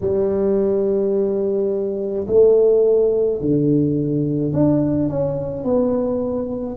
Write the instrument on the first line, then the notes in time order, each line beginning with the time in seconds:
tuba
0.00 G3
2.27 A3
3.41 D3
4.53 D4
5.09 C#4
5.63 B3